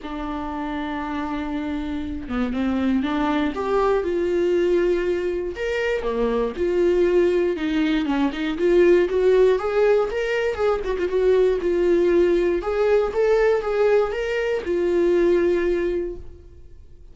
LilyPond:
\new Staff \with { instrumentName = "viola" } { \time 4/4 \tempo 4 = 119 d'1~ | d'8 b8 c'4 d'4 g'4 | f'2. ais'4 | ais4 f'2 dis'4 |
cis'8 dis'8 f'4 fis'4 gis'4 | ais'4 gis'8 fis'16 f'16 fis'4 f'4~ | f'4 gis'4 a'4 gis'4 | ais'4 f'2. | }